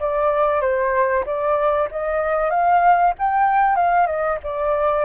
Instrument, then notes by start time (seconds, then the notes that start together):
flute
0.00 D5
0.61 C5
1.26 D5
1.91 D#5
2.50 F5
3.19 G5
3.76 F5
4.07 D#5
4.44 D5